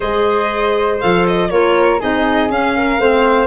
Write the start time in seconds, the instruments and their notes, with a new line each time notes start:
0.00 tuba G#3, clarinet G#4, flute C5, violin D#5
1.00 tuba F3, clarinet A4, violin F5
1.27 violin D#5
1.50 tuba A#3, clarinet F4, flute A#4, violin C#5
2.00 tuba C4, clarinet D#4, flute G#4, violin D#5
2.48 tuba C#4, clarinet C#4, violin F5
2.76 flute A#4
2.98 tuba A3, clarinet C4, flute C5